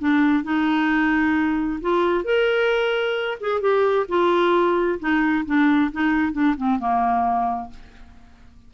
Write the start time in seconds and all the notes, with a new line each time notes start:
0.00 D4
0.44 D#4
1.82 F4
2.25 A#4
3.41 G#4
3.61 G4
4.09 F4
5.00 D#4
5.46 D4
5.93 D#4
6.33 D4
6.57 C4
6.80 A#3